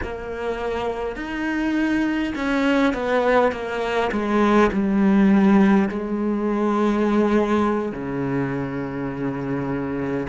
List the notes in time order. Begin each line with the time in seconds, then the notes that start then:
0.02 A#3
1.16 D#4
2.35 C#4
2.94 B3
3.51 A#3
4.11 G#3
4.72 G3
5.88 G#3
7.91 C#3